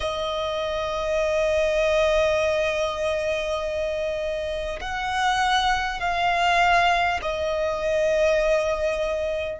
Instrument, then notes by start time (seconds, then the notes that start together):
violin
0.00 D#5
4.80 F#5
6.00 F5
7.22 D#5